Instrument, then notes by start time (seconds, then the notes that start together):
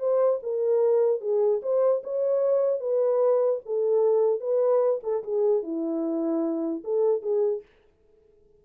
horn
0.00 C5
0.43 A#4
1.21 G#4
1.63 C5
2.04 C#5
2.81 B4
3.66 A4
4.41 B4
5.03 A4
5.24 G#4
5.63 E4
6.85 A4
7.22 G#4